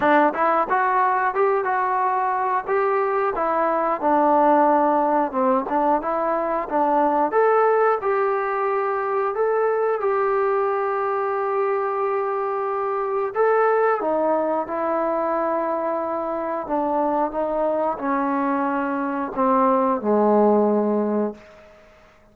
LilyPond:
\new Staff \with { instrumentName = "trombone" } { \time 4/4 \tempo 4 = 90 d'8 e'8 fis'4 g'8 fis'4. | g'4 e'4 d'2 | c'8 d'8 e'4 d'4 a'4 | g'2 a'4 g'4~ |
g'1 | a'4 dis'4 e'2~ | e'4 d'4 dis'4 cis'4~ | cis'4 c'4 gis2 | }